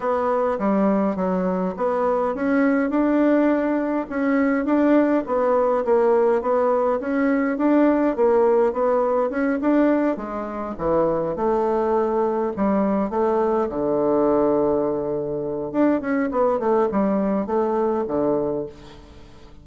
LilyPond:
\new Staff \with { instrumentName = "bassoon" } { \time 4/4 \tempo 4 = 103 b4 g4 fis4 b4 | cis'4 d'2 cis'4 | d'4 b4 ais4 b4 | cis'4 d'4 ais4 b4 |
cis'8 d'4 gis4 e4 a8~ | a4. g4 a4 d8~ | d2. d'8 cis'8 | b8 a8 g4 a4 d4 | }